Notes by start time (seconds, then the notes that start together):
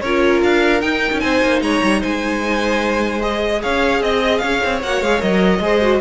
0.00 C#4 F4 A#4 C#5
0.42 D4 F5
0.81 D#4 G5
1.12 C#4
1.19 C4 C5 G#5
1.43 A#3
1.61 G#3 C#5 A#5
1.82 G3
2.00 G#3 C5 G#5
3.20 G#4 D#5
3.62 C#4 C#5 F5
4.01 C4 D#5
4.38 C#4 C#5 F5
4.64 C4
4.83 A#3 F#4 F#5
5.01 G#3 G#4 F5
5.19 F#3 A#4 D#5
5.59 G#3 G#4 C5
5.81 F#4